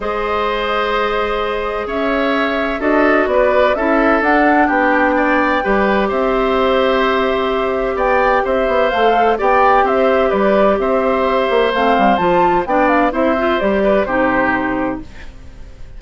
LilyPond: <<
  \new Staff \with { instrumentName = "flute" } { \time 4/4 \tempo 4 = 128 dis''1 | e''2 dis''4 d''4 | e''4 fis''4 g''2~ | g''4 e''2.~ |
e''4 g''4 e''4 f''4 | g''4 e''4 d''4 e''4~ | e''4 f''4 a''4 g''8 f''8 | e''4 d''4 c''2 | }
  \new Staff \with { instrumentName = "oboe" } { \time 4/4 c''1 | cis''2 a'4 b'4 | a'2 g'4 d''4 | b'4 c''2.~ |
c''4 d''4 c''2 | d''4 c''4 b'4 c''4~ | c''2. d''4 | c''4. b'8 g'2 | }
  \new Staff \with { instrumentName = "clarinet" } { \time 4/4 gis'1~ | gis'2 fis'2 | e'4 d'2. | g'1~ |
g'2. a'4 | g'1~ | g'4 c'4 f'4 d'4 | e'8 f'8 g'4 dis'2 | }
  \new Staff \with { instrumentName = "bassoon" } { \time 4/4 gis1 | cis'2 d'4 b4 | cis'4 d'4 b2 | g4 c'2.~ |
c'4 b4 c'8 b8 a4 | b4 c'4 g4 c'4~ | c'8 ais8 a8 g8 f4 b4 | c'4 g4 c2 | }
>>